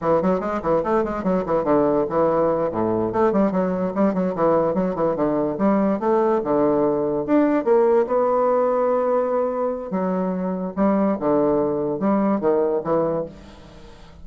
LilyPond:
\new Staff \with { instrumentName = "bassoon" } { \time 4/4 \tempo 4 = 145 e8 fis8 gis8 e8 a8 gis8 fis8 e8 | d4 e4. a,4 a8 | g8 fis4 g8 fis8 e4 fis8 | e8 d4 g4 a4 d8~ |
d4. d'4 ais4 b8~ | b1 | fis2 g4 d4~ | d4 g4 dis4 e4 | }